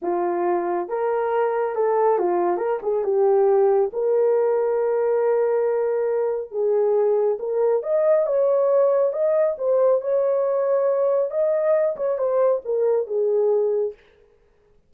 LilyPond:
\new Staff \with { instrumentName = "horn" } { \time 4/4 \tempo 4 = 138 f'2 ais'2 | a'4 f'4 ais'8 gis'8 g'4~ | g'4 ais'2.~ | ais'2. gis'4~ |
gis'4 ais'4 dis''4 cis''4~ | cis''4 dis''4 c''4 cis''4~ | cis''2 dis''4. cis''8 | c''4 ais'4 gis'2 | }